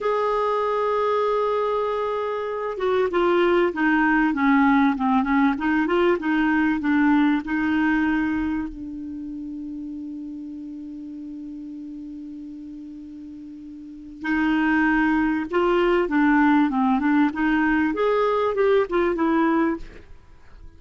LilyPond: \new Staff \with { instrumentName = "clarinet" } { \time 4/4 \tempo 4 = 97 gis'1~ | gis'8 fis'8 f'4 dis'4 cis'4 | c'8 cis'8 dis'8 f'8 dis'4 d'4 | dis'2 d'2~ |
d'1~ | d'2. dis'4~ | dis'4 f'4 d'4 c'8 d'8 | dis'4 gis'4 g'8 f'8 e'4 | }